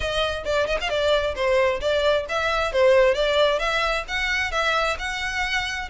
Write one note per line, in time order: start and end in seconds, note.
0.00 0.44 D#5
0.44 0.67 D5
0.67 0.78 D#5
0.80 0.89 F5
0.89 1.34 D5
1.35 1.80 C5
1.80 2.25 D5
2.28 2.72 E5
2.72 3.14 C5
3.14 3.59 D5
3.59 4.04 E5
4.07 4.51 F#5
4.51 4.96 E5
4.98 5.89 F#5